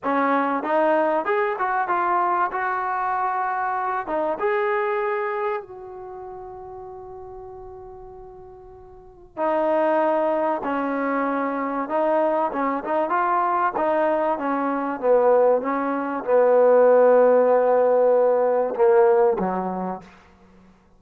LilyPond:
\new Staff \with { instrumentName = "trombone" } { \time 4/4 \tempo 4 = 96 cis'4 dis'4 gis'8 fis'8 f'4 | fis'2~ fis'8 dis'8 gis'4~ | gis'4 fis'2.~ | fis'2. dis'4~ |
dis'4 cis'2 dis'4 | cis'8 dis'8 f'4 dis'4 cis'4 | b4 cis'4 b2~ | b2 ais4 fis4 | }